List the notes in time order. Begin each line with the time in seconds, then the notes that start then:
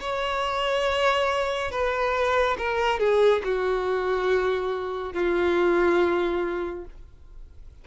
0.00 C#5
1.71 B4
2.58 A#4
2.99 G#4
3.44 F#4
5.13 F4